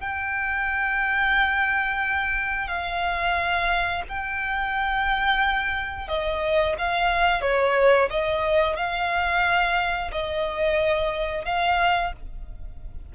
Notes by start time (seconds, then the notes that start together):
0.00 G5
2.67 F5
4.08 G5
6.08 D#5
6.78 F5
7.41 C#5
8.10 D#5
8.76 F5
10.12 D#5
11.45 F5